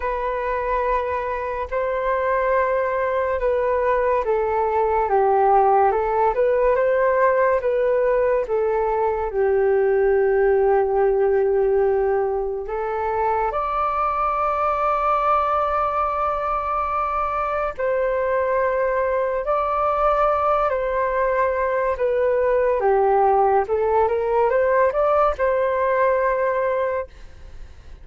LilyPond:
\new Staff \with { instrumentName = "flute" } { \time 4/4 \tempo 4 = 71 b'2 c''2 | b'4 a'4 g'4 a'8 b'8 | c''4 b'4 a'4 g'4~ | g'2. a'4 |
d''1~ | d''4 c''2 d''4~ | d''8 c''4. b'4 g'4 | a'8 ais'8 c''8 d''8 c''2 | }